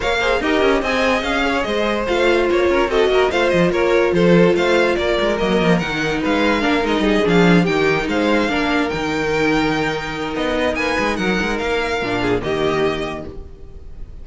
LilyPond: <<
  \new Staff \with { instrumentName = "violin" } { \time 4/4 \tempo 4 = 145 f''4 dis''4 gis''4 f''4 | dis''4 f''4 cis''4 dis''4 | f''8 dis''8 cis''4 c''4 f''4 | d''4 dis''4 fis''4 f''4~ |
f''8 dis''4 f''4 g''4 f''8~ | f''4. g''2~ g''8~ | g''4 dis''4 gis''4 fis''4 | f''2 dis''2 | }
  \new Staff \with { instrumentName = "violin" } { \time 4/4 cis''8 c''8 ais'4 dis''4. cis''8 | c''2~ c''8 ais'8 a'8 ais'8 | c''4 ais'4 a'4 c''4 | ais'2. b'4 |
ais'4 gis'4. g'4 c''8~ | c''8 ais'2.~ ais'8~ | ais'2 b'4 ais'4~ | ais'4. gis'8 g'2 | }
  \new Staff \with { instrumentName = "viola" } { \time 4/4 ais'8 gis'8 g'4 gis'2~ | gis'4 f'2 fis'4 | f'1~ | f'4 ais4 dis'2 |
d'8 dis'4 d'4 dis'4.~ | dis'8 d'4 dis'2~ dis'8~ | dis'1~ | dis'4 d'4 ais2 | }
  \new Staff \with { instrumentName = "cello" } { \time 4/4 ais4 dis'8 cis'8 c'4 cis'4 | gis4 a4 ais8 cis'8 c'8 ais8 | a8 f8 ais4 f4 a4 | ais8 gis8 fis8 f8 dis4 gis4 |
ais8 gis8 g8 f4 dis4 gis8~ | gis8 ais4 dis2~ dis8~ | dis4 b4 ais8 gis8 fis8 gis8 | ais4 ais,4 dis2 | }
>>